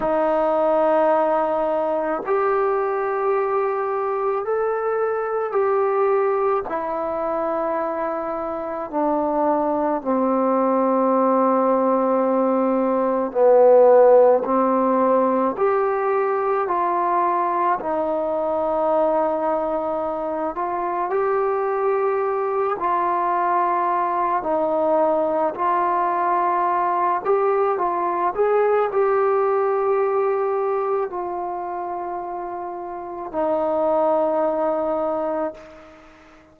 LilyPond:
\new Staff \with { instrumentName = "trombone" } { \time 4/4 \tempo 4 = 54 dis'2 g'2 | a'4 g'4 e'2 | d'4 c'2. | b4 c'4 g'4 f'4 |
dis'2~ dis'8 f'8 g'4~ | g'8 f'4. dis'4 f'4~ | f'8 g'8 f'8 gis'8 g'2 | f'2 dis'2 | }